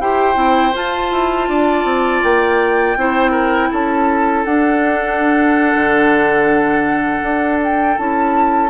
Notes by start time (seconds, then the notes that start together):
0.00 E4 G4 C5 G5
0.35 C4 E4
0.74 F4 A5
1.11 E4
1.48 D4 D5
1.84 C4
2.24 A#3 G5
2.96 C4 E4 C5
3.31 A#4
3.71 C#4 A4 A5
4.45 D4 F#5
5.75 D3
7.23 D4
7.64 G5
7.98 C#4 E4 A5